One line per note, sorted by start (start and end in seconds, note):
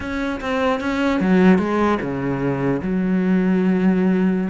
0.00 0.40 C#4
0.40 0.80 C4
0.80 1.20 C#4
1.20 1.58 F#3
1.58 1.98 G#3
2.01 2.81 C#3
2.81 4.49 F#3